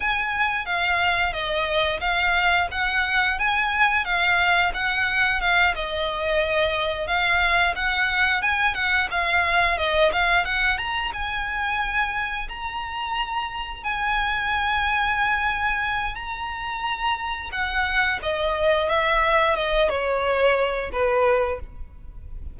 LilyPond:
\new Staff \with { instrumentName = "violin" } { \time 4/4 \tempo 4 = 89 gis''4 f''4 dis''4 f''4 | fis''4 gis''4 f''4 fis''4 | f''8 dis''2 f''4 fis''8~ | fis''8 gis''8 fis''8 f''4 dis''8 f''8 fis''8 |
ais''8 gis''2 ais''4.~ | ais''8 gis''2.~ gis''8 | ais''2 fis''4 dis''4 | e''4 dis''8 cis''4. b'4 | }